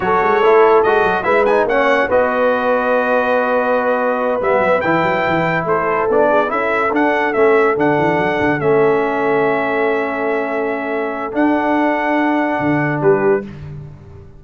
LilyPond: <<
  \new Staff \with { instrumentName = "trumpet" } { \time 4/4 \tempo 4 = 143 cis''2 dis''4 e''8 gis''8 | fis''4 dis''2.~ | dis''2~ dis''8 e''4 g''8~ | g''4. c''4 d''4 e''8~ |
e''8 fis''4 e''4 fis''4.~ | fis''8 e''2.~ e''8~ | e''2. fis''4~ | fis''2. b'4 | }
  \new Staff \with { instrumentName = "horn" } { \time 4/4 a'2. b'4 | cis''4 b'2.~ | b'1~ | b'4. a'4. gis'8 a'8~ |
a'1~ | a'1~ | a'1~ | a'2. g'4 | }
  \new Staff \with { instrumentName = "trombone" } { \time 4/4 fis'4 e'4 fis'4 e'8 dis'8 | cis'4 fis'2.~ | fis'2~ fis'8 b4 e'8~ | e'2~ e'8 d'4 e'8~ |
e'8 d'4 cis'4 d'4.~ | d'8 cis'2.~ cis'8~ | cis'2. d'4~ | d'1 | }
  \new Staff \with { instrumentName = "tuba" } { \time 4/4 fis8 gis8 a4 gis8 fis8 gis4 | ais4 b2.~ | b2~ b8 g8 fis8 e8 | fis8 e4 a4 b4 cis'8~ |
cis'8 d'4 a4 d8 e8 fis8 | d8 a2.~ a8~ | a2. d'4~ | d'2 d4 g4 | }
>>